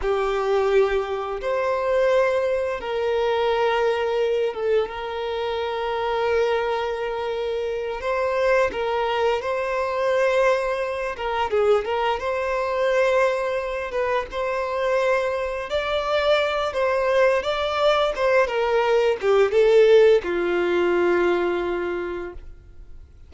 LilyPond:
\new Staff \with { instrumentName = "violin" } { \time 4/4 \tempo 4 = 86 g'2 c''2 | ais'2~ ais'8 a'8 ais'4~ | ais'2.~ ais'8 c''8~ | c''8 ais'4 c''2~ c''8 |
ais'8 gis'8 ais'8 c''2~ c''8 | b'8 c''2 d''4. | c''4 d''4 c''8 ais'4 g'8 | a'4 f'2. | }